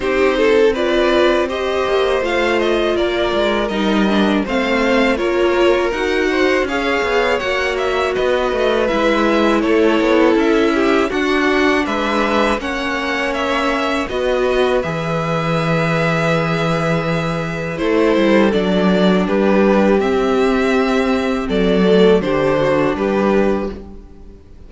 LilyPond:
<<
  \new Staff \with { instrumentName = "violin" } { \time 4/4 \tempo 4 = 81 c''4 d''4 dis''4 f''8 dis''8 | d''4 dis''4 f''4 cis''4 | fis''4 f''4 fis''8 e''8 dis''4 | e''4 cis''4 e''4 fis''4 |
e''4 fis''4 e''4 dis''4 | e''1 | c''4 d''4 b'4 e''4~ | e''4 d''4 c''4 b'4 | }
  \new Staff \with { instrumentName = "violin" } { \time 4/4 g'8 a'8 b'4 c''2 | ais'2 c''4 ais'4~ | ais'8 c''8 cis''2 b'4~ | b'4 a'4. g'8 fis'4 |
b'4 cis''2 b'4~ | b'1 | a'2 g'2~ | g'4 a'4 g'8 fis'8 g'4 | }
  \new Staff \with { instrumentName = "viola" } { \time 4/4 dis'4 f'4 g'4 f'4~ | f'4 dis'8 d'8 c'4 f'4 | fis'4 gis'4 fis'2 | e'2. d'4~ |
d'4 cis'2 fis'4 | gis'1 | e'4 d'2 c'4~ | c'4. a8 d'2 | }
  \new Staff \with { instrumentName = "cello" } { \time 4/4 c'2~ c'8 ais8 a4 | ais8 gis8 g4 a4 ais4 | dis'4 cis'8 b8 ais4 b8 a8 | gis4 a8 b8 cis'4 d'4 |
gis4 ais2 b4 | e1 | a8 g8 fis4 g4 c'4~ | c'4 fis4 d4 g4 | }
>>